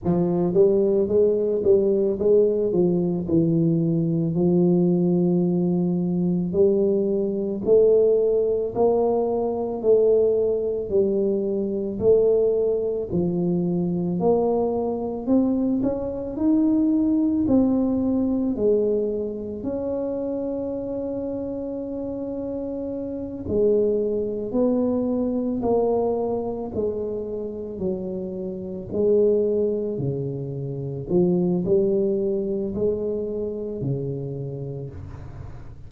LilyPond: \new Staff \with { instrumentName = "tuba" } { \time 4/4 \tempo 4 = 55 f8 g8 gis8 g8 gis8 f8 e4 | f2 g4 a4 | ais4 a4 g4 a4 | f4 ais4 c'8 cis'8 dis'4 |
c'4 gis4 cis'2~ | cis'4. gis4 b4 ais8~ | ais8 gis4 fis4 gis4 cis8~ | cis8 f8 g4 gis4 cis4 | }